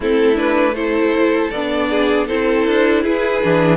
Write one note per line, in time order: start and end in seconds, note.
0.00 1.51 A3
0.00 0.35 C4
0.00 0.74 E4
0.00 0.37 A4
0.35 0.73 D4
0.35 0.74 B4
0.74 1.52 E4
0.74 1.88 A4
0.74 1.50 C5
1.50 2.28 B3
1.50 2.28 D4
1.50 2.26 D5
1.89 2.27 G#4
2.27 2.66 C4
2.27 3.42 E4
2.27 3.02 A4
2.27 3.03 C5
2.66 3.04 D4
3.02 3.42 E4
3.02 3.76 G#4
3.02 3.76 B4
3.42 3.76 E3
3.42 3.76 D4